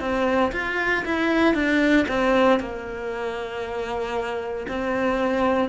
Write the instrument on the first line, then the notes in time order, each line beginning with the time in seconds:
cello
0.00 C4
0.53 F4
1.05 E4
1.54 D4
2.08 C4
2.60 A#3
4.68 C4